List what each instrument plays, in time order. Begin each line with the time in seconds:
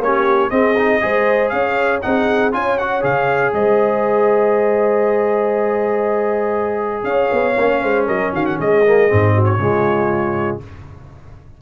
0.00 tuba A#3, trombone C#4, horn G4, trumpet C#5
0.51 trombone C4, tuba C4, horn G#4, trumpet D#5
0.78 trombone D#4
1.01 tuba G#3, trombone G#4, horn C5
1.50 tuba C#4, horn C#5, trumpet F5
2.02 tuba C4, trombone D#4, horn G#4, trumpet F#5
2.53 tuba C#4, trombone F4, horn C#5, trumpet G#5
2.79 trombone F#4, trumpet F#5
3.02 tuba C#3, trombone G#4, trumpet F5
3.54 tuba G#3, horn C5, trumpet D#5
7.04 tuba C#4, horn C#5, trumpet F5
7.32 tuba B3
7.58 tuba A#3, trombone C#4
7.83 tuba G#3, horn C5
8.07 tuba F#3, horn A#4, trumpet D#5
8.33 tuba D#3, horn F#4, trumpet F5
8.46 trumpet F#5
8.60 tuba G#3, horn G#4, trumpet D#5
8.86 trombone A#3
9.09 tuba G#2, trombone C4
9.35 horn F#4
9.45 trumpet C#5
9.59 tuba C#3, trombone G#3, horn F4